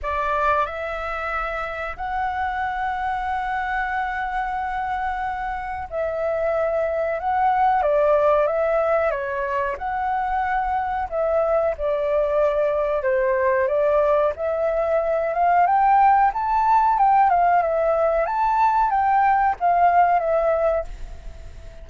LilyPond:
\new Staff \with { instrumentName = "flute" } { \time 4/4 \tempo 4 = 92 d''4 e''2 fis''4~ | fis''1~ | fis''4 e''2 fis''4 | d''4 e''4 cis''4 fis''4~ |
fis''4 e''4 d''2 | c''4 d''4 e''4. f''8 | g''4 a''4 g''8 f''8 e''4 | a''4 g''4 f''4 e''4 | }